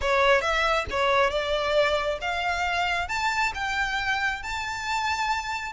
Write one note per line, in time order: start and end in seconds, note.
0.01 0.41 C#5
0.41 0.85 E5
0.90 1.30 C#5
1.30 2.18 D5
2.21 3.08 F5
3.08 3.52 A5
3.54 4.42 G5
4.42 5.73 A5